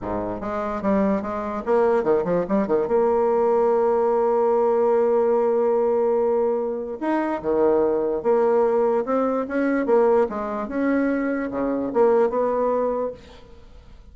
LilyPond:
\new Staff \with { instrumentName = "bassoon" } { \time 4/4 \tempo 4 = 146 gis,4 gis4 g4 gis4 | ais4 dis8 f8 g8 dis8 ais4~ | ais1~ | ais1~ |
ais4 dis'4 dis2 | ais2 c'4 cis'4 | ais4 gis4 cis'2 | cis4 ais4 b2 | }